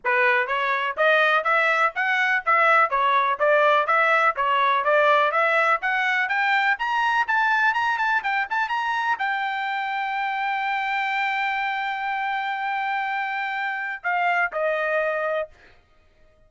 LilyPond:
\new Staff \with { instrumentName = "trumpet" } { \time 4/4 \tempo 4 = 124 b'4 cis''4 dis''4 e''4 | fis''4 e''4 cis''4 d''4 | e''4 cis''4 d''4 e''4 | fis''4 g''4 ais''4 a''4 |
ais''8 a''8 g''8 a''8 ais''4 g''4~ | g''1~ | g''1~ | g''4 f''4 dis''2 | }